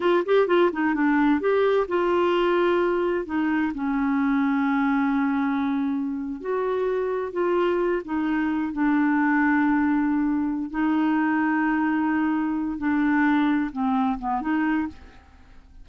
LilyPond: \new Staff \with { instrumentName = "clarinet" } { \time 4/4 \tempo 4 = 129 f'8 g'8 f'8 dis'8 d'4 g'4 | f'2. dis'4 | cis'1~ | cis'4.~ cis'16 fis'2 f'16~ |
f'4~ f'16 dis'4. d'4~ d'16~ | d'2. dis'4~ | dis'2.~ dis'8 d'8~ | d'4. c'4 b8 dis'4 | }